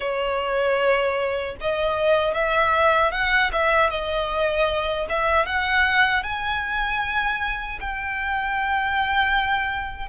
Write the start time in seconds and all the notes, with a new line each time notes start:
0.00 C#5
1.60 D#5
2.34 E5
3.11 F#5
3.52 E5
3.90 D#5
5.09 E5
5.45 F#5
6.23 G#5
7.80 G5